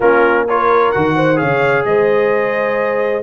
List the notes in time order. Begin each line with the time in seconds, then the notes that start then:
0.00 A#3 C#4 F4 A#4
0.48 F4 A#4 C#5
0.91 D#3 F#4 F#5
1.15 C5
1.35 G#4 C#5 F5
1.42 C#3
1.85 G#3 C5 D#5